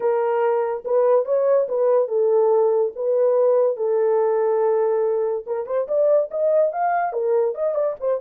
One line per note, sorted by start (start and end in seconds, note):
0.00 0.83 A#4
0.84 1.25 B4
1.25 1.67 C#5
1.68 2.08 B4
2.08 2.92 A4
2.95 3.76 B4
3.76 5.44 A4
5.46 5.66 A#4
5.66 5.87 C5
5.88 6.30 D5
6.30 6.72 D#5
6.72 7.13 F5
7.13 7.54 A#4
7.54 7.74 D#5
7.74 7.95 D5
7.99 8.20 C5